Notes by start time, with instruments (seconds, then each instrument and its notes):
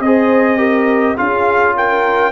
0.00 tuba C4, trombone G#4, horn C5, trumpet D#5
0.58 trombone G4, horn A#4
1.17 tuba C#4, trombone F4, horn G#4, trumpet F5
1.76 horn A#4, trumpet G5